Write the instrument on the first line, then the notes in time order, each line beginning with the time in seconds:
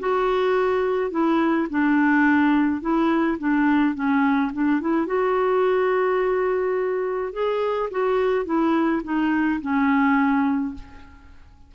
clarinet
0.00 F#4
1.11 E4
1.70 D4
2.81 E4
3.39 D4
3.95 C#4
4.53 D4
4.81 E4
5.07 F#4
7.33 G#4
7.91 F#4
8.46 E4
9.04 D#4
9.61 C#4